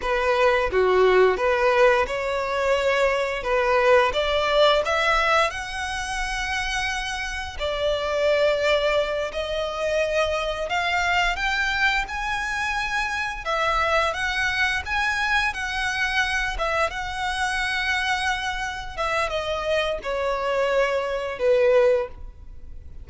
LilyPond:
\new Staff \with { instrumentName = "violin" } { \time 4/4 \tempo 4 = 87 b'4 fis'4 b'4 cis''4~ | cis''4 b'4 d''4 e''4 | fis''2. d''4~ | d''4. dis''2 f''8~ |
f''8 g''4 gis''2 e''8~ | e''8 fis''4 gis''4 fis''4. | e''8 fis''2. e''8 | dis''4 cis''2 b'4 | }